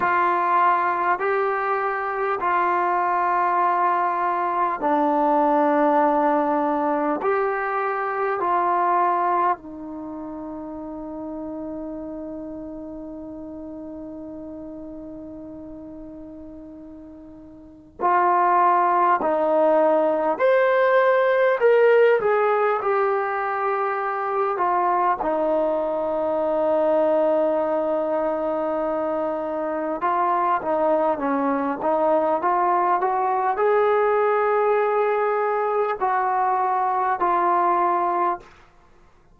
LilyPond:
\new Staff \with { instrumentName = "trombone" } { \time 4/4 \tempo 4 = 50 f'4 g'4 f'2 | d'2 g'4 f'4 | dis'1~ | dis'2. f'4 |
dis'4 c''4 ais'8 gis'8 g'4~ | g'8 f'8 dis'2.~ | dis'4 f'8 dis'8 cis'8 dis'8 f'8 fis'8 | gis'2 fis'4 f'4 | }